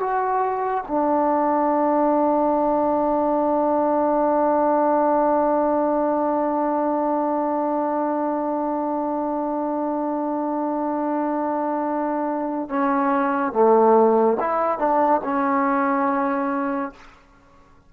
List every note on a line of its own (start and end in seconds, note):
0.00 0.85 F#4
0.88 12.70 D4
12.70 13.53 C#4
13.53 14.38 A3
14.40 14.79 E4
14.79 15.22 D4
15.24 16.93 C#4